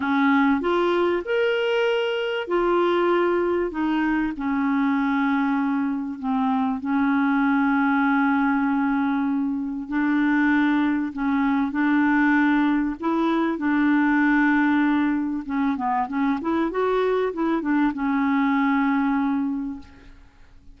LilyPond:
\new Staff \with { instrumentName = "clarinet" } { \time 4/4 \tempo 4 = 97 cis'4 f'4 ais'2 | f'2 dis'4 cis'4~ | cis'2 c'4 cis'4~ | cis'1 |
d'2 cis'4 d'4~ | d'4 e'4 d'2~ | d'4 cis'8 b8 cis'8 e'8 fis'4 | e'8 d'8 cis'2. | }